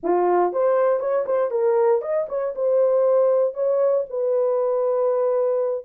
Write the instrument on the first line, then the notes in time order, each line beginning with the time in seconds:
horn
0.03 F4
0.52 C5
0.99 C#5
1.26 C5
1.50 A#4
2.01 D#5
2.29 C#5
2.55 C5
3.53 C#5
4.09 B4